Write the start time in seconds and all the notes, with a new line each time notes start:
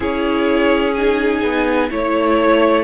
0.00 C#4 E4 G#4 C#5
0.94 D#4 G#5
1.42 B3
1.90 A3 E4 C#5